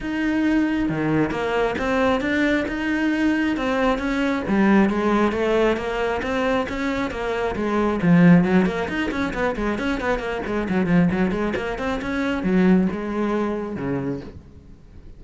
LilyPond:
\new Staff \with { instrumentName = "cello" } { \time 4/4 \tempo 4 = 135 dis'2 dis4 ais4 | c'4 d'4 dis'2 | c'4 cis'4 g4 gis4 | a4 ais4 c'4 cis'4 |
ais4 gis4 f4 fis8 ais8 | dis'8 cis'8 b8 gis8 cis'8 b8 ais8 gis8 | fis8 f8 fis8 gis8 ais8 c'8 cis'4 | fis4 gis2 cis4 | }